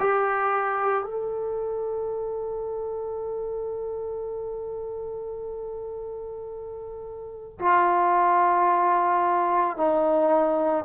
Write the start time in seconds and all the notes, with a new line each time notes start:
0.00 G4
1.04 A4
7.59 F4
9.77 D#4